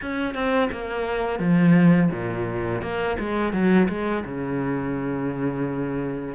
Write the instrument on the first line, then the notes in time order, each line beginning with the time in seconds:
cello
0.01 C#4
0.34 C4
0.71 A#3
1.39 F3
2.11 A#2
2.81 A#3
3.19 G#3
3.52 F#3
3.88 G#3
4.24 C#3